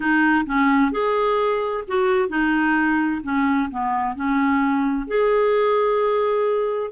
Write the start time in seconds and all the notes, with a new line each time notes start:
0.00 D#4
0.46 C#4
0.91 G#4
1.87 F#4
2.28 D#4
3.23 C#4
3.70 B3
4.15 C#4
5.07 G#4